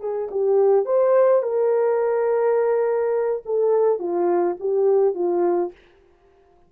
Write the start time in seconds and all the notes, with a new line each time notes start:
0.00 G#4
0.31 G4
0.85 C5
1.42 A#4
3.45 A4
3.99 F4
4.60 G4
5.15 F4